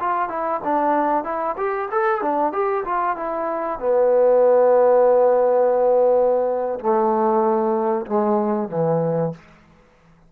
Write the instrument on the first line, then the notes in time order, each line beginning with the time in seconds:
trombone
0.00 F4
0.29 E4
0.64 D4
1.24 E4
1.57 G4
1.91 A4
2.22 D4
2.53 G4
2.85 F4
3.17 E4
3.80 B3
6.80 A3
8.06 G#3
8.69 E3